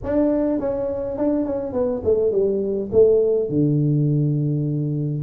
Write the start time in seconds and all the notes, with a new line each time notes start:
0.03 D4
0.59 C#4
1.17 D4
1.45 C#4
1.72 B3
2.04 A3
2.31 G3
2.92 A3
3.49 D3